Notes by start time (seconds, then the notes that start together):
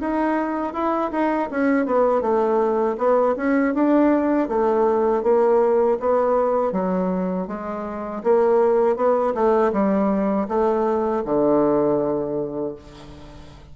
0.00 D#4
0.73 E4
1.11 D#4
1.50 C#4
1.86 B3
2.21 A3
2.98 B3
3.36 C#4
3.74 D4
4.48 A3
5.23 A#3
6.00 B3
6.72 F#3
7.47 G#3
8.23 A#3
8.96 B3
9.34 A3
9.72 G3
10.48 A3
11.25 D3